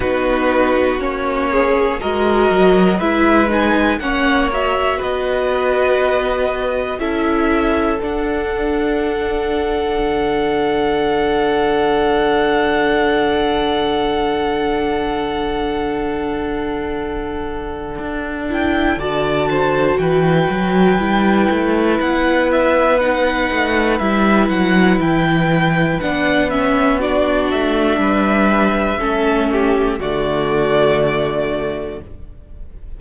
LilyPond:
<<
  \new Staff \with { instrumentName = "violin" } { \time 4/4 \tempo 4 = 60 b'4 cis''4 dis''4 e''8 gis''8 | fis''8 e''8 dis''2 e''4 | fis''1~ | fis''1~ |
fis''2~ fis''8 g''8 a''4 | g''2 fis''8 e''8 fis''4 | e''8 fis''8 g''4 fis''8 e''8 d''8 e''8~ | e''2 d''2 | }
  \new Staff \with { instrumentName = "violin" } { \time 4/4 fis'4. gis'8 ais'4 b'4 | cis''4 b'2 a'4~ | a'1~ | a'1~ |
a'2. d''8 c''8 | b'1~ | b'2. fis'4 | b'4 a'8 g'8 fis'2 | }
  \new Staff \with { instrumentName = "viola" } { \time 4/4 dis'4 cis'4 fis'4 e'8 dis'8 | cis'8 fis'2~ fis'8 e'4 | d'1~ | d'1~ |
d'2~ d'8 e'8 fis'4~ | fis'4 e'2 dis'4 | e'2 d'8 cis'8 d'4~ | d'4 cis'4 a2 | }
  \new Staff \with { instrumentName = "cello" } { \time 4/4 b4 ais4 gis8 fis8 gis4 | ais4 b2 cis'4 | d'2 d2~ | d1~ |
d2 d'4 d4 | e8 fis8 g8 a8 b4. a8 | g8 fis8 e4 b4. a8 | g4 a4 d2 | }
>>